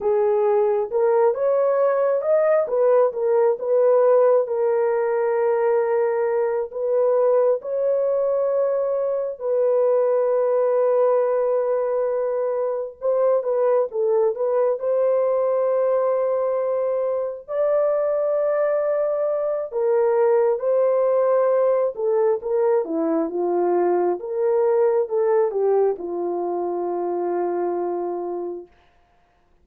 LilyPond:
\new Staff \with { instrumentName = "horn" } { \time 4/4 \tempo 4 = 67 gis'4 ais'8 cis''4 dis''8 b'8 ais'8 | b'4 ais'2~ ais'8 b'8~ | b'8 cis''2 b'4.~ | b'2~ b'8 c''8 b'8 a'8 |
b'8 c''2. d''8~ | d''2 ais'4 c''4~ | c''8 a'8 ais'8 e'8 f'4 ais'4 | a'8 g'8 f'2. | }